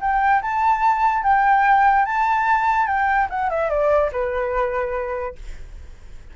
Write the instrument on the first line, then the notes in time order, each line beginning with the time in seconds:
flute
0.00 G5
0.41 A5
1.23 G5
2.05 A5
2.87 G5
3.29 F#5
3.50 E5
3.69 D5
4.12 B4